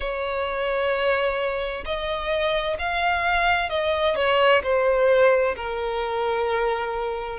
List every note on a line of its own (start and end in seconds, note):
0.00 1.84 C#5
1.85 2.77 D#5
2.79 3.69 F5
3.69 4.15 D#5
4.15 4.62 C#5
4.63 5.55 C5
5.56 7.39 A#4